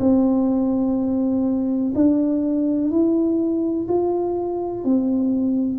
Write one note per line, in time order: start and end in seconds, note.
0.00 1.94 C4
1.95 2.91 D4
2.91 3.88 E4
3.88 4.84 F4
4.84 5.79 C4